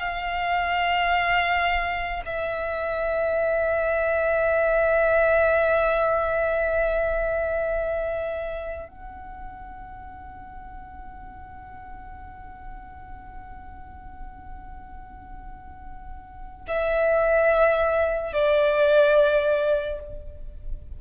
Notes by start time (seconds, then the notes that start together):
0.00 F5
2.25 E5
8.88 F#5
16.68 E5
18.33 D5